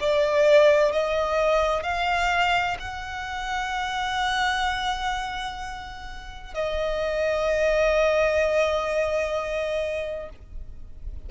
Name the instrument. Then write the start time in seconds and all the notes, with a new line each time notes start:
violin
0.00 D5
0.92 D#5
1.83 F5
2.79 F#5
6.54 D#5